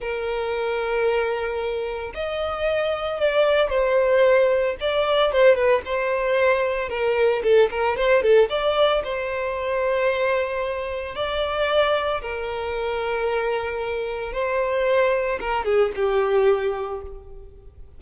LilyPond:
\new Staff \with { instrumentName = "violin" } { \time 4/4 \tempo 4 = 113 ais'1 | dis''2 d''4 c''4~ | c''4 d''4 c''8 b'8 c''4~ | c''4 ais'4 a'8 ais'8 c''8 a'8 |
d''4 c''2.~ | c''4 d''2 ais'4~ | ais'2. c''4~ | c''4 ais'8 gis'8 g'2 | }